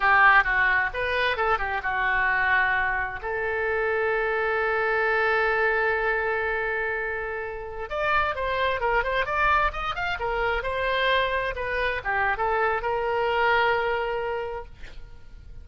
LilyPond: \new Staff \with { instrumentName = "oboe" } { \time 4/4 \tempo 4 = 131 g'4 fis'4 b'4 a'8 g'8 | fis'2. a'4~ | a'1~ | a'1~ |
a'4~ a'16 d''4 c''4 ais'8 c''16~ | c''16 d''4 dis''8 f''8 ais'4 c''8.~ | c''4~ c''16 b'4 g'8. a'4 | ais'1 | }